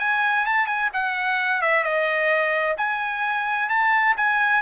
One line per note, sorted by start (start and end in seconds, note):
0.00 0.46 G#5
0.46 0.67 A5
0.67 0.90 G#5
0.93 1.62 F#5
1.62 1.84 E5
1.84 2.76 D#5
2.78 3.70 G#5
3.70 4.16 A5
4.17 4.62 G#5